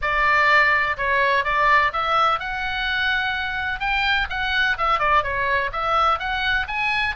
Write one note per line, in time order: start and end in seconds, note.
0.01 0.97 D5
0.97 1.44 C#5
1.44 1.92 D5
1.92 2.39 E5
2.39 3.80 F#5
3.80 4.27 G5
4.29 4.77 F#5
4.77 4.99 E5
4.99 5.23 D5
5.23 5.70 C#5
5.72 6.19 E5
6.19 6.66 F#5
6.67 7.15 G#5